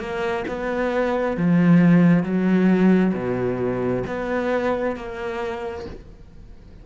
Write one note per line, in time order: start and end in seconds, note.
0.00 0.45 A#3
0.48 1.37 B3
1.37 2.23 F3
2.23 3.13 F#3
3.14 4.04 B2
4.07 4.96 B3
4.96 5.86 A#3